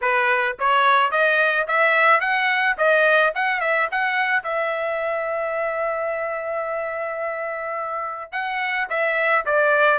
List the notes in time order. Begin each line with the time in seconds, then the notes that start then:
0.01 B4
0.59 C#5
1.11 D#5
1.67 E5
2.20 F#5
2.77 D#5
3.34 F#5
3.60 E5
3.91 F#5
4.43 E5
8.32 F#5
8.89 E5
9.45 D5